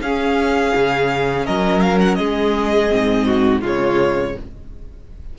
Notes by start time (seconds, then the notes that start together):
0.00 C#4 G#4 F5
0.75 C#3
1.45 F#3 A#4 D#5
1.80 F5
2.00 F#5
2.15 G#3 G#4 D#5
2.89 G#2 C4
3.26 F#4
3.61 C#3 G#3 F4 C#5